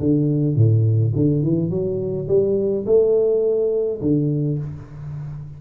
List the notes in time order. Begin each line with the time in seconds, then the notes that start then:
0.00 D3
0.56 A2
1.16 D3
1.43 E3
1.70 F#3
2.29 G3
2.86 A3
4.02 D3